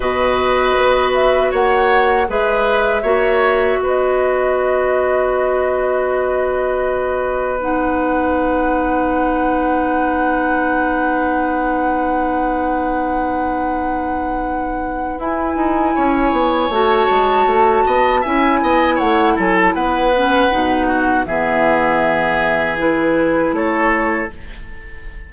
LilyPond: <<
  \new Staff \with { instrumentName = "flute" } { \time 4/4 \tempo 4 = 79 dis''4. e''8 fis''4 e''4~ | e''4 dis''2.~ | dis''2 fis''2~ | fis''1~ |
fis''1 | gis''2 a''2 | gis''4 fis''8 gis''16 a''16 fis''2 | e''2 b'4 cis''4 | }
  \new Staff \with { instrumentName = "oboe" } { \time 4/4 b'2 cis''4 b'4 | cis''4 b'2.~ | b'1~ | b'1~ |
b'1~ | b'4 cis''2~ cis''8 dis''8 | e''8 dis''8 cis''8 a'8 b'4. fis'8 | gis'2. a'4 | }
  \new Staff \with { instrumentName = "clarinet" } { \time 4/4 fis'2. gis'4 | fis'1~ | fis'2 dis'2~ | dis'1~ |
dis'1 | e'2 fis'2 | e'2~ e'8 cis'8 dis'4 | b2 e'2 | }
  \new Staff \with { instrumentName = "bassoon" } { \time 4/4 b,4 b4 ais4 gis4 | ais4 b2.~ | b1~ | b1~ |
b1 | e'8 dis'8 cis'8 b8 a8 gis8 a8 b8 | cis'8 b8 a8 fis8 b4 b,4 | e2. a4 | }
>>